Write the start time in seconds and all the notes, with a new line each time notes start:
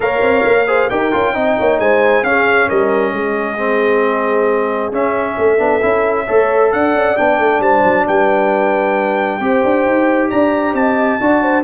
0.00 A#3 A#4 C#5 F5
0.21 C4
0.45 A#3
0.67 G#4 C5
0.89 D#4 G4 A#4 G5
1.12 C#4 F4
1.33 C4 D#4 D#5
1.58 A#3 C#5
1.79 G#3 C5 G#5
2.23 C#4 G#4 F5
2.68 G3 A#4 D#5
3.12 G#3 G#4
3.57 C4
4.91 C#4 E5
5.37 A3 A4
5.58 B3 D4
5.82 C#4 E4
6.25 A3 A4 C#5
6.72 D4 D5 F#5
6.94 C#4
7.16 B3 D4 G5
7.38 A3
7.59 G3 C5 A5
7.84 F#3
8.06 G3 B4 G5
9.40 C4 G4 C5
9.64 D4
9.86 D#4
10.29 D4 D5 A#5
10.73 C4 D#5 A5
11.20 D4 F#4 D5
11.42 C5